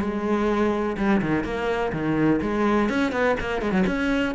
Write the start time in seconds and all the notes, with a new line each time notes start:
0.00 G#3
0.97 G3
1.21 D#3
1.44 A#3
1.92 D#3
2.41 G#3
2.89 C#4
3.12 B3
3.39 A#3
3.62 G#3
3.72 F#3
3.87 C#4